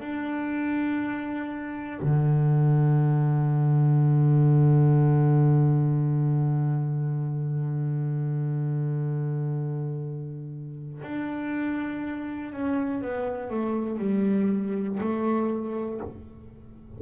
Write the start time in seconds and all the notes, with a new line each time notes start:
0.00 D4
2.02 D3
11.02 D4
12.53 C#4
13.01 B3
13.50 A3
13.99 G3
15.00 A3